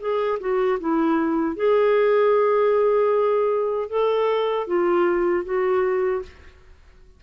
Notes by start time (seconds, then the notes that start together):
0.00 G#4
0.40 F#4
0.80 E4
1.56 G#4
3.89 A4
4.67 F4
5.45 F#4